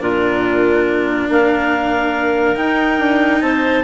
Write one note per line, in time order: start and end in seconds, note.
0.00 1.28 A#2
0.00 2.55 D4
0.00 1.29 F4
0.00 1.29 A#4
1.29 2.57 A#3
1.29 3.42 A#4
1.29 2.57 F5
2.55 3.83 D#4
2.55 2.99 D#4
2.55 3.42 G5
2.99 3.41 D4
3.41 3.84 C4
3.41 3.84 C5
3.41 3.84 A5